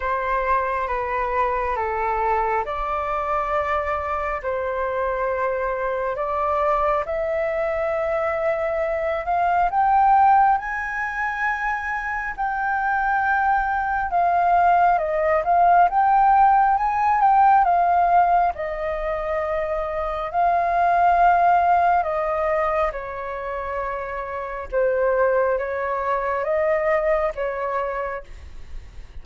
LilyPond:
\new Staff \with { instrumentName = "flute" } { \time 4/4 \tempo 4 = 68 c''4 b'4 a'4 d''4~ | d''4 c''2 d''4 | e''2~ e''8 f''8 g''4 | gis''2 g''2 |
f''4 dis''8 f''8 g''4 gis''8 g''8 | f''4 dis''2 f''4~ | f''4 dis''4 cis''2 | c''4 cis''4 dis''4 cis''4 | }